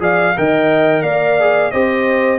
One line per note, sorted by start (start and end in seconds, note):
0.00 0.34 F3
0.00 0.34 G#4
0.00 0.36 D5
0.00 0.37 F5
0.36 1.02 D#3
0.36 1.40 A#4
0.36 1.03 D#5
0.36 1.02 G5
1.02 1.71 A#3
1.02 1.72 D5
1.02 1.71 F5
1.40 1.72 G#4
1.71 2.39 C4
1.71 2.39 G4
1.71 2.39 C5
1.71 2.39 D#5